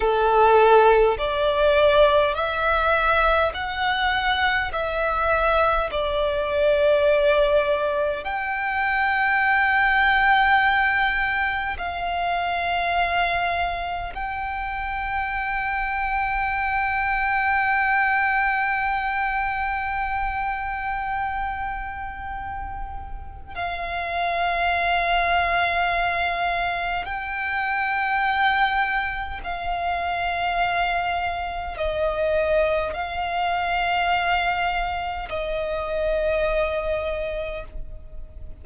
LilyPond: \new Staff \with { instrumentName = "violin" } { \time 4/4 \tempo 4 = 51 a'4 d''4 e''4 fis''4 | e''4 d''2 g''4~ | g''2 f''2 | g''1~ |
g''1 | f''2. g''4~ | g''4 f''2 dis''4 | f''2 dis''2 | }